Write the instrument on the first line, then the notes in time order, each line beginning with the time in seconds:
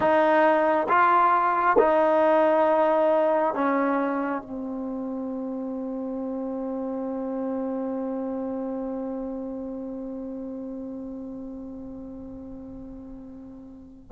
trombone
0.00 D#4
0.88 F4
1.78 D#4
3.54 C#4
4.42 C4